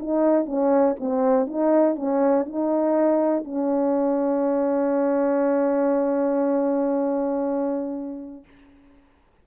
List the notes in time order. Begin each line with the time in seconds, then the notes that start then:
0.00 D#4
0.46 C#4
1.00 C4
1.47 D#4
1.96 C#4
2.46 D#4
3.45 C#4